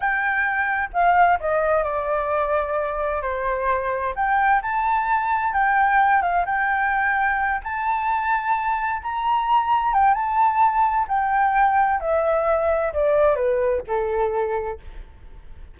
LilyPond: \new Staff \with { instrumentName = "flute" } { \time 4/4 \tempo 4 = 130 g''2 f''4 dis''4 | d''2. c''4~ | c''4 g''4 a''2 | g''4. f''8 g''2~ |
g''8 a''2. ais''8~ | ais''4. g''8 a''2 | g''2 e''2 | d''4 b'4 a'2 | }